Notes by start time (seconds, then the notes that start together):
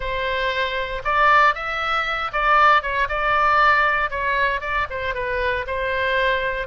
0.00 C5
1.04 D5
1.54 E5
2.32 D5
2.82 C#5
3.08 D5
4.10 C#5
4.61 D5
4.90 C5
5.14 B4
5.66 C5